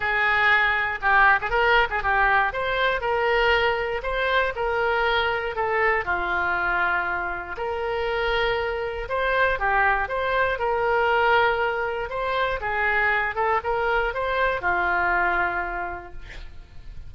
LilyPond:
\new Staff \with { instrumentName = "oboe" } { \time 4/4 \tempo 4 = 119 gis'2 g'8. gis'16 ais'8. gis'16 | g'4 c''4 ais'2 | c''4 ais'2 a'4 | f'2. ais'4~ |
ais'2 c''4 g'4 | c''4 ais'2. | c''4 gis'4. a'8 ais'4 | c''4 f'2. | }